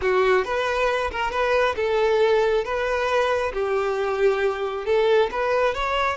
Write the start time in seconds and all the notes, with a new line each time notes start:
0.01 F#4
0.44 B4
1.11 A#4
1.31 B4
1.76 A4
2.64 B4
3.53 G4
4.85 A4
5.31 B4
5.74 C#5